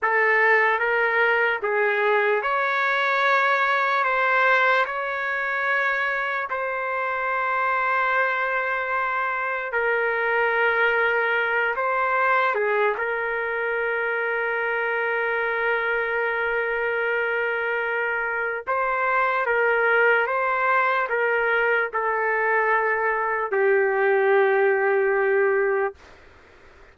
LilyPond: \new Staff \with { instrumentName = "trumpet" } { \time 4/4 \tempo 4 = 74 a'4 ais'4 gis'4 cis''4~ | cis''4 c''4 cis''2 | c''1 | ais'2~ ais'8 c''4 gis'8 |
ais'1~ | ais'2. c''4 | ais'4 c''4 ais'4 a'4~ | a'4 g'2. | }